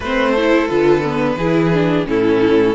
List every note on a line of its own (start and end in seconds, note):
0.00 0.68 A3
0.00 0.37 C4
0.00 0.31 B4
0.00 0.67 C5
0.31 0.69 E4
0.31 1.35 A4
0.67 1.36 D3
0.67 1.03 F4
0.67 2.05 B4
1.04 1.38 B3
1.36 2.05 E3
1.36 1.73 E4
1.36 2.06 G#4
1.73 2.06 D4
2.06 2.75 A2
2.06 2.75 C#4
2.06 2.75 E4
2.06 2.75 A4